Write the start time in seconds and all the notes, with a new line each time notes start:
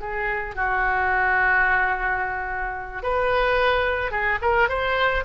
0.00 G#4
0.55 F#4
3.03 B4
4.11 G#4
4.41 A#4
4.69 C5